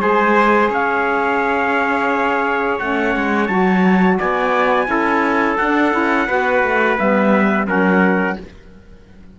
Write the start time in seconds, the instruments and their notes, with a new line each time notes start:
0.00 cello G#3, saxophone G#4, trumpet C5 G#5
0.68 cello C#4, trumpet C#5 F5
2.79 cello A3, saxophone C#4, trumpet F#5
3.15 cello G#3
3.47 cello F#3, saxophone F#4, trumpet A5
4.18 cello B3, trumpet D5 G#5
4.86 cello C#4, saxophone E4, trumpet A4
5.57 cello D4, saxophone D4, trumpet F#5
5.92 cello C#4, saxophone E4
6.27 cello B3, saxophone F#4, trumpet B4
6.63 cello A3
6.98 cello G3, saxophone B3, trumpet E5
7.66 cello F#3, saxophone C#4, trumpet A#4 F#5